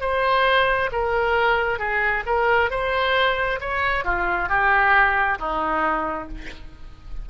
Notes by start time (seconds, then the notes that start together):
0.00 C5
0.92 A#4
1.78 G#4
2.26 A#4
2.70 C5
3.60 C#5
4.04 F4
4.49 G4
5.38 D#4